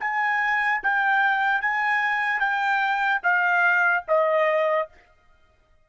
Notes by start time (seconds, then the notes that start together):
0.00 G#5
0.83 G5
1.62 G#5
2.40 G5
3.23 F5
4.08 D#5